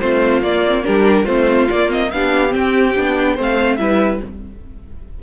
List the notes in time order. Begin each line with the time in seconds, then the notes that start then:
0.00 A3 C4 F4 C5
0.42 A#3 D5
0.67 C4
0.84 G3 D4 G4 A#4
1.24 A3 C4 F4 C5
1.70 A#3 D5
1.89 C4 D#5
2.12 B3 D4 G4 F5
2.49 C4 G5
2.96 B3 D4
3.35 A3 C4 C5
3.42 F5
3.77 G3 E4 B4 E5